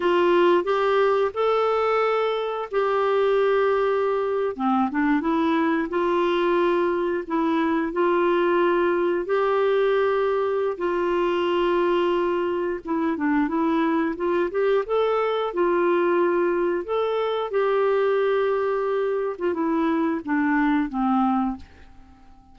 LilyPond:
\new Staff \with { instrumentName = "clarinet" } { \time 4/4 \tempo 4 = 89 f'4 g'4 a'2 | g'2~ g'8. c'8 d'8 e'16~ | e'8. f'2 e'4 f'16~ | f'4.~ f'16 g'2~ g'16 |
f'2. e'8 d'8 | e'4 f'8 g'8 a'4 f'4~ | f'4 a'4 g'2~ | g'8. f'16 e'4 d'4 c'4 | }